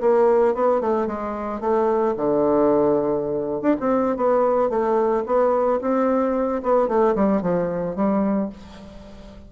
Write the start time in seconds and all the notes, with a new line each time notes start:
0.00 A#3
0.54 B3
0.81 A3
1.07 G#3
1.60 A3
2.16 D3
3.61 D4
3.80 C4
4.16 B3
4.70 A3
5.26 B3
5.81 C4
6.62 B3
6.88 A3
7.15 G3
7.42 F3
7.96 G3